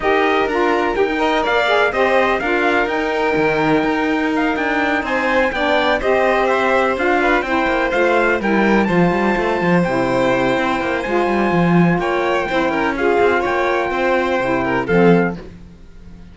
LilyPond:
<<
  \new Staff \with { instrumentName = "trumpet" } { \time 4/4 \tempo 4 = 125 dis''4 ais''4 g''4 f''4 | dis''4 f''4 g''2~ | g''4 f''8 g''4 gis''4 g''8~ | g''8 dis''4 e''4 f''4 g''8~ |
g''8 f''4 g''4 a''4.~ | a''8 g''2~ g''8 gis''4~ | gis''4 g''2 f''4 | g''2. f''4 | }
  \new Staff \with { instrumentName = "violin" } { \time 4/4 ais'2~ ais'8 dis''8 d''4 | c''4 ais'2.~ | ais'2~ ais'8 c''4 d''8~ | d''8 c''2~ c''8 b'8 c''8~ |
c''4. ais'4 c''4.~ | c''1~ | c''4 cis''4 c''8 ais'8 gis'4 | cis''4 c''4. ais'8 a'4 | }
  \new Staff \with { instrumentName = "saxophone" } { \time 4/4 g'4 f'4 g'16 dis'16 ais'4 gis'8 | g'4 f'4 dis'2~ | dis'2.~ dis'8 d'8~ | d'8 g'2 f'4 e'8~ |
e'8 f'4 e'4 f'4.~ | f'8 e'2~ e'8 f'4~ | f'2 e'4 f'4~ | f'2 e'4 c'4 | }
  \new Staff \with { instrumentName = "cello" } { \time 4/4 dis'4 d'4 dis'4 ais4 | c'4 d'4 dis'4 dis4 | dis'4. d'4 c'4 b8~ | b8 c'2 d'4 c'8 |
ais8 a4 g4 f8 g8 a8 | f8 c4. c'8 ais8 gis8 g8 | f4 ais4 c'8 cis'4 c'8 | ais4 c'4 c4 f4 | }
>>